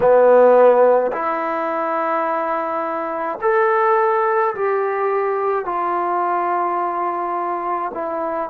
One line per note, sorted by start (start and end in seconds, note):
0.00 1.11 B3
1.12 3.39 E4
3.41 4.54 A4
4.54 5.64 G4
5.64 7.91 F4
7.93 8.49 E4